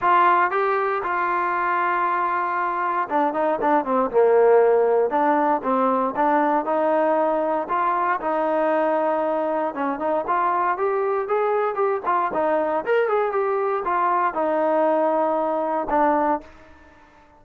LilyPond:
\new Staff \with { instrumentName = "trombone" } { \time 4/4 \tempo 4 = 117 f'4 g'4 f'2~ | f'2 d'8 dis'8 d'8 c'8 | ais2 d'4 c'4 | d'4 dis'2 f'4 |
dis'2. cis'8 dis'8 | f'4 g'4 gis'4 g'8 f'8 | dis'4 ais'8 gis'8 g'4 f'4 | dis'2. d'4 | }